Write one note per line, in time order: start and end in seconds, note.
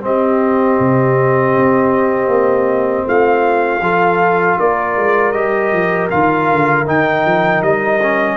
0.00 3.80 C4
0.00 0.78 C4
0.00 3.07 G4
0.00 3.08 D#5
0.79 1.55 C3
1.55 2.27 C4
2.27 3.03 A#3
3.07 3.80 A3
3.07 3.82 F4
3.07 4.59 F5
3.80 4.56 F3
3.80 5.34 F4
3.80 4.58 A4
4.59 4.96 A#3
4.59 8.37 A#4
4.59 5.31 D5
4.96 5.34 G#3
5.31 5.72 G3
5.31 6.09 G4
5.31 6.07 D#5
5.72 6.10 F3
6.10 6.51 D#3
6.10 6.86 F4
6.10 6.86 F5
6.51 6.87 D3
6.86 7.25 D#3
6.86 8.00 D#4
6.86 7.62 G5
7.25 7.61 F3
7.61 8.37 G3
7.61 8.37 D#5
8.01 8.37 C#4